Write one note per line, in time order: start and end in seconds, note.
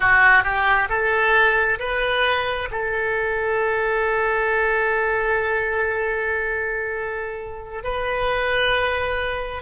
0.00 0.43 F#4
0.43 0.88 G4
0.89 1.79 A4
1.79 2.68 B4
2.71 7.83 A4
7.83 9.62 B4